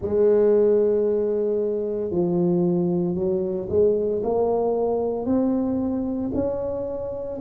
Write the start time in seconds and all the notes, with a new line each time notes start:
0.01 G#3
2.11 F3
3.14 F#3
3.69 G#3
4.23 A#3
5.25 C4
6.34 C#4